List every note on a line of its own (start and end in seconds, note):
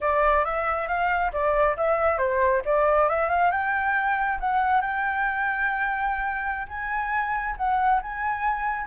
0.00 0.44 D5
0.44 0.87 E5
0.87 1.31 F5
1.32 1.76 D5
1.76 2.18 E5
2.18 2.62 C5
2.65 3.09 D5
3.09 3.29 E5
3.29 3.51 F5
3.51 4.38 G5
4.40 4.81 F#5
4.81 6.67 G5
6.67 7.55 G#5
7.57 8.00 F#5
8.02 8.87 G#5